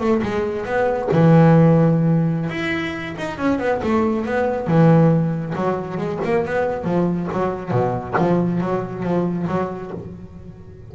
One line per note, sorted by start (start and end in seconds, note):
0.00 0.22 A3
0.22 0.65 G#3
0.65 1.09 B3
1.12 2.50 E3
2.50 3.15 E4
3.18 3.38 D#4
3.38 3.59 C#4
3.59 3.81 B3
3.83 4.25 A3
4.25 4.67 B3
4.67 5.54 E3
5.55 5.97 F#3
5.97 6.19 G#3
6.24 6.45 A#3
6.45 6.84 B3
6.84 7.27 F3
7.32 7.71 F#3
7.71 8.14 B2
8.17 8.60 F3
8.60 9.03 F#3
9.03 9.46 F3
9.47 9.91 F#3